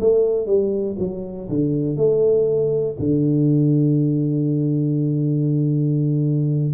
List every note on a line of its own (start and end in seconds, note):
0.00 0.46 A3
0.46 0.96 G3
0.98 1.48 F#3
1.49 1.96 D3
1.96 2.96 A3
2.99 6.74 D3